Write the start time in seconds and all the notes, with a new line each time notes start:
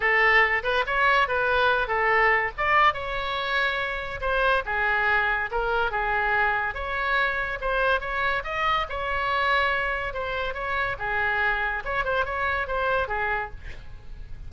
0.00 A4
0.63 B4
0.86 C#5
1.28 B4
1.87 A4
2.57 D5
2.93 C#5
4.21 C5
4.65 G#4
5.51 A#4
5.91 G#4
6.74 C#5
7.61 C5
8.00 C#5
8.44 D#5
8.89 C#5
10.13 C5
10.54 C#5
10.98 G#4
11.84 C#5
12.04 C5
12.25 C#5
12.67 C5
13.08 G#4